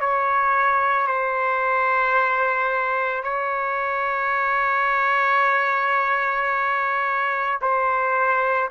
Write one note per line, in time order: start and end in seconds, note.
0.00 1.07 C#5
1.07 3.23 C5
3.23 7.60 C#5
7.61 8.70 C5